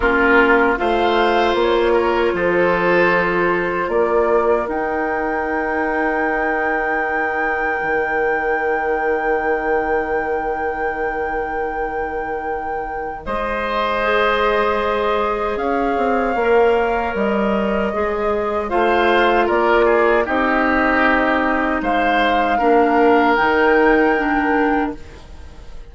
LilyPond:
<<
  \new Staff \with { instrumentName = "flute" } { \time 4/4 \tempo 4 = 77 ais'4 f''4 cis''4 c''4~ | c''4 d''4 g''2~ | g''1~ | g''1~ |
g''4 dis''2. | f''2 dis''2 | f''4 d''4 dis''2 | f''2 g''2 | }
  \new Staff \with { instrumentName = "oboe" } { \time 4/4 f'4 c''4. ais'8 a'4~ | a'4 ais'2.~ | ais'1~ | ais'1~ |
ais'4 c''2. | cis''1 | c''4 ais'8 gis'8 g'2 | c''4 ais'2. | }
  \new Staff \with { instrumentName = "clarinet" } { \time 4/4 cis'4 f'2.~ | f'2 dis'2~ | dis'1~ | dis'1~ |
dis'2 gis'2~ | gis'4 ais'2 gis'4 | f'2 dis'2~ | dis'4 d'4 dis'4 d'4 | }
  \new Staff \with { instrumentName = "bassoon" } { \time 4/4 ais4 a4 ais4 f4~ | f4 ais4 dis'2~ | dis'2 dis2~ | dis1~ |
dis4 gis2. | cis'8 c'8 ais4 g4 gis4 | a4 ais4 c'2 | gis4 ais4 dis2 | }
>>